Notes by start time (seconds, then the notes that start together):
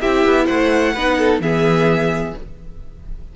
0.00 C4 E4 G4 E5
0.25 B3
0.46 A3 C5 F#5
0.94 B3 D#4 B4
1.18 A4
1.40 E3 B3 G#4 E5